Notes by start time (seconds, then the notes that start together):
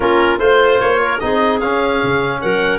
0.00 A#3 C#4 F4 A#4
0.38 A3 F4 C5
0.79 A#3 C#5
1.02 A#4
1.19 C4 D#4 G#4 D#5
1.60 C#4 F5
2.03 C#3
2.41 F#3 A#4 F#5